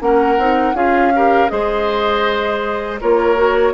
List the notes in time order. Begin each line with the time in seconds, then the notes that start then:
0.00 A#3 C#4 A#4 F#5
0.38 C4 D#4
0.74 C#4 F4 G#4 F5
1.15 G4 A#4
1.48 G#3 G#4 C5 D#5
3.00 A#3 F4 A#4 C#5
3.36 F#4